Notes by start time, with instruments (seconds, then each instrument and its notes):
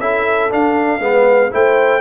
0.00 tuba C#4, trombone E4, horn A4, trumpet E5
0.50 trombone D4, tuba D4, trumpet F5
0.99 tuba G#3, trombone B3, horn B4
1.51 tuba A3, trombone E4, horn C5, trumpet G5